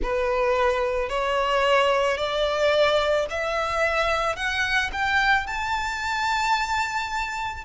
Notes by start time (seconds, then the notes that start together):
0.02 B4
1.09 C#5
2.17 D5
3.30 E5
4.35 F#5
4.92 G5
5.46 A5